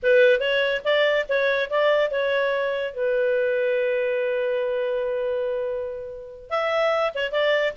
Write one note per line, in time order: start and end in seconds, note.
0.02 0.39 B4
0.39 0.81 C#5
0.84 1.26 D5
1.29 1.70 C#5
1.70 2.10 D5
2.10 2.94 C#5
2.94 6.50 B4
6.50 7.13 E5
7.14 7.31 C#5
7.31 7.73 D5